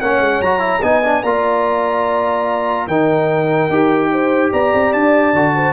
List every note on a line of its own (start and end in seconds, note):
0.00 0.20 A#3
0.00 0.45 C#4
0.00 0.82 C#5
0.00 0.42 F#5
0.20 0.41 G#3
0.41 0.82 F#3
0.41 0.59 F#4
0.41 0.83 A#5
0.59 0.80 E4
0.82 1.23 B3
0.82 1.03 D#4
0.82 1.23 D#5
0.82 1.23 G#5
1.04 1.24 D4
1.23 2.87 A#3
1.23 2.90 F4
1.23 2.87 D5
1.23 2.88 A#5
2.87 3.70 D#3
2.87 3.71 D#4
2.87 4.11 A#4
2.87 4.53 G5
3.70 4.52 D#4
3.70 5.36 G4
4.12 4.51 C5
4.51 4.74 B3
4.51 5.54 D5
4.51 4.93 A#5
4.74 4.94 C4
4.93 5.34 D4
4.93 5.74 A5
5.34 5.74 D3
5.34 5.74 F#4
5.55 5.74 C5